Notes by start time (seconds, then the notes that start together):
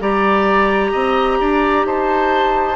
0.00 G3 G4 D5 A#5
0.91 C4 D#5
1.40 D4 D5
1.84 D#4 C5 A5